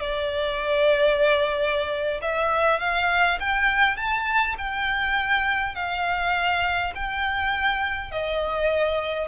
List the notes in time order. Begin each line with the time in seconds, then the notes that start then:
0.00 D5
2.21 E5
2.79 F5
3.39 G5
3.96 A5
4.58 G5
5.75 F5
6.95 G5
8.11 D#5